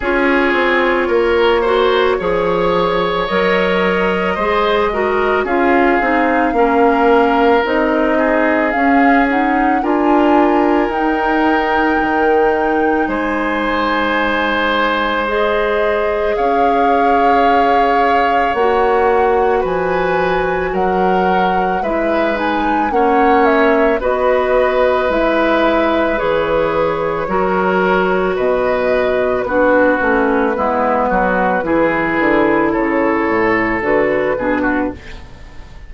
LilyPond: <<
  \new Staff \with { instrumentName = "flute" } { \time 4/4 \tempo 4 = 55 cis''2. dis''4~ | dis''4 f''2 dis''4 | f''8 fis''8 gis''4 g''2 | gis''2 dis''4 f''4~ |
f''4 fis''4 gis''4 fis''4 | e''8 gis''8 fis''8 e''8 dis''4 e''4 | cis''2 dis''4 b'4~ | b'2 cis''4 b'4 | }
  \new Staff \with { instrumentName = "oboe" } { \time 4/4 gis'4 ais'8 c''8 cis''2 | c''8 ais'8 gis'4 ais'4. gis'8~ | gis'4 ais'2. | c''2. cis''4~ |
cis''2 b'4 ais'4 | b'4 cis''4 b'2~ | b'4 ais'4 b'4 fis'4 | e'8 fis'8 gis'4 a'4. gis'16 fis'16 | }
  \new Staff \with { instrumentName = "clarinet" } { \time 4/4 f'4. fis'8 gis'4 ais'4 | gis'8 fis'8 f'8 dis'8 cis'4 dis'4 | cis'8 dis'8 f'4 dis'2~ | dis'2 gis'2~ |
gis'4 fis'2. | e'8 dis'8 cis'4 fis'4 e'4 | gis'4 fis'2 d'8 cis'8 | b4 e'2 fis'8 d'8 | }
  \new Staff \with { instrumentName = "bassoon" } { \time 4/4 cis'8 c'8 ais4 f4 fis4 | gis4 cis'8 c'8 ais4 c'4 | cis'4 d'4 dis'4 dis4 | gis2. cis'4~ |
cis'4 ais4 f4 fis4 | gis4 ais4 b4 gis4 | e4 fis4 b,4 b8 a8 | gis8 fis8 e8 d8 cis8 a,8 d8 b,8 | }
>>